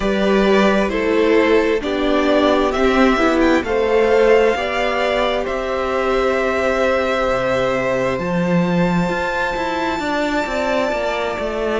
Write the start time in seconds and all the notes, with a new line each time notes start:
0.00 G3 G4 B4 D5
0.88 A3 E4 A4 C5
1.80 B3 D4 G4 D5
2.71 C4 E5
3.16 B3 E4
3.40 G5
3.62 A3 A4 C5 F5
4.55 B3 G4 D5
5.44 C4 C5 E5
7.28 C3
8.19 F3 F4 A5
9.09 F4
9.56 E4
9.99 D4 D5
10.46 C4
10.91 A#3
11.39 A3